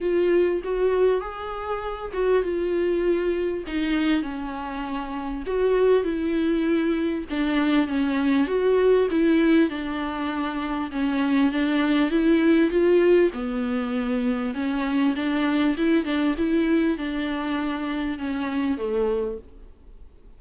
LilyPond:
\new Staff \with { instrumentName = "viola" } { \time 4/4 \tempo 4 = 99 f'4 fis'4 gis'4. fis'8 | f'2 dis'4 cis'4~ | cis'4 fis'4 e'2 | d'4 cis'4 fis'4 e'4 |
d'2 cis'4 d'4 | e'4 f'4 b2 | cis'4 d'4 e'8 d'8 e'4 | d'2 cis'4 a4 | }